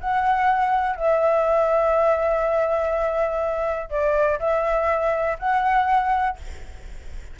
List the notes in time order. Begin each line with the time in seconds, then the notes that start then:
0.00 F#5
0.96 E5
3.90 D5
4.39 E5
5.39 F#5